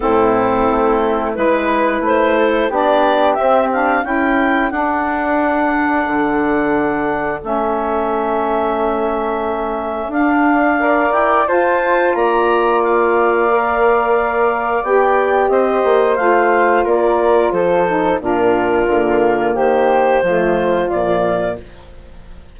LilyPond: <<
  \new Staff \with { instrumentName = "clarinet" } { \time 4/4 \tempo 4 = 89 a'2 b'4 c''4 | d''4 e''8 f''8 g''4 fis''4~ | fis''2. e''4~ | e''2. f''4~ |
f''8 g''8 a''4 ais''4 f''4~ | f''2 g''4 dis''4 | f''4 d''4 c''4 ais'4~ | ais'4 c''2 d''4 | }
  \new Staff \with { instrumentName = "flute" } { \time 4/4 e'2 b'4. a'8 | g'2 a'2~ | a'1~ | a'1 |
d''4 c''4 d''2~ | d''2. c''4~ | c''4 ais'4 a'4 f'4~ | f'4 g'4 f'2 | }
  \new Staff \with { instrumentName = "saxophone" } { \time 4/4 c'2 e'2 | d'4 c'8 d'8 e'4 d'4~ | d'2. cis'4~ | cis'2. d'4 |
ais'4 f'2. | ais'2 g'2 | f'2~ f'8 dis'8 d'4 | ais2 a4 f4 | }
  \new Staff \with { instrumentName = "bassoon" } { \time 4/4 a,4 a4 gis4 a4 | b4 c'4 cis'4 d'4~ | d'4 d2 a4~ | a2. d'4~ |
d'8 e'8 f'4 ais2~ | ais2 b4 c'8 ais8 | a4 ais4 f4 ais,4 | d4 dis4 f4 ais,4 | }
>>